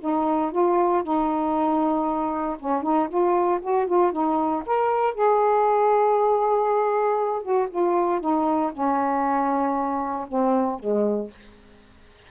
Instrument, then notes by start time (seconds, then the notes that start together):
saxophone
0.00 D#4
0.52 F4
1.03 D#4
2.59 C#4
2.83 D#4
3.09 F4
3.61 F#4
3.86 F4
4.12 D#4
4.66 A#4
5.14 G#4
7.42 F#4
7.69 F4
8.20 D#4
8.73 C#4
10.28 C4
10.79 G#3